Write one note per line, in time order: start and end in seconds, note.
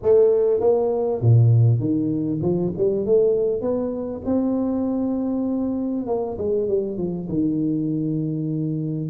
0.02 0.60 A3
0.60 1.20 A#3
1.20 1.79 A#2
1.79 2.40 D#3
2.42 2.72 F3
2.77 3.05 G3
3.05 3.61 A3
3.61 4.21 B3
4.25 6.06 C4
6.06 6.37 A#3
6.38 6.67 G#3
6.67 6.97 G3
6.97 7.28 F3
7.28 9.10 D#3